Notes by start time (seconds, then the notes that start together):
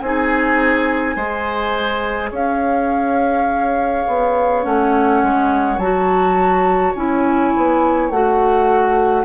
0.00 C4 D#4 G#4 G#5
1.16 G#3 G#4 C5
2.31 C#4 C#5 F5
4.08 B3
4.63 A3 C#4 F#5
5.23 G#3
5.78 F#3 F#4 A5
6.95 C#4 E4 G#5
7.57 B3
8.10 A3 F#4 F#5